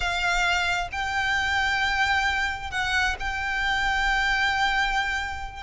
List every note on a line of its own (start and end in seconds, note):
0.00 0.89 F5
0.92 2.70 G5
2.70 3.15 F#5
3.19 5.62 G5